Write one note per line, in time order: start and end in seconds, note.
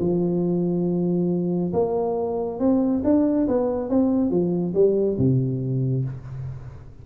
0.00 1.73 F3
1.73 2.59 A#3
2.60 3.03 C4
3.04 3.47 D4
3.48 3.90 B3
3.90 4.30 C4
4.30 4.74 F3
4.74 5.17 G3
5.18 6.05 C3